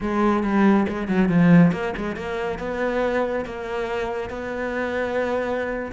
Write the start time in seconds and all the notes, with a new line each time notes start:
0.00 G#3
0.43 G3
0.88 G#3
1.08 F#3
1.29 F3
1.72 A#3
1.97 G#3
2.16 A#3
2.59 B3
3.45 A#3
4.29 B3